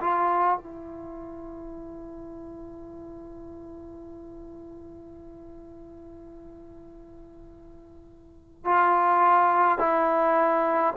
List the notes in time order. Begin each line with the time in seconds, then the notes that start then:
0.00 F4
0.57 E4
8.64 F4
9.78 E4